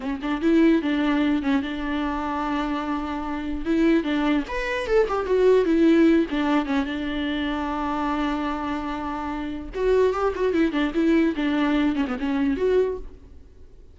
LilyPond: \new Staff \with { instrumentName = "viola" } { \time 4/4 \tempo 4 = 148 cis'8 d'8 e'4 d'4. cis'8 | d'1~ | d'4 e'4 d'4 b'4 | a'8 g'8 fis'4 e'4. d'8~ |
d'8 cis'8 d'2.~ | d'1 | fis'4 g'8 fis'8 e'8 d'8 e'4 | d'4. cis'16 b16 cis'4 fis'4 | }